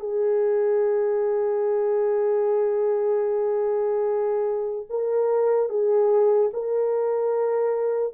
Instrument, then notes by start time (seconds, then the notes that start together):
horn
0.00 G#4
4.89 A#4
5.69 G#4
6.53 A#4